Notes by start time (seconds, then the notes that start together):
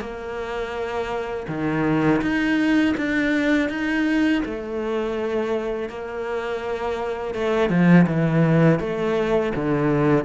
0.00 A#3
1.48 D#3
2.22 D#4
2.97 D4
3.69 D#4
4.45 A3
5.89 A#3
7.34 A3
7.69 F3
8.07 E3
8.80 A3
9.55 D3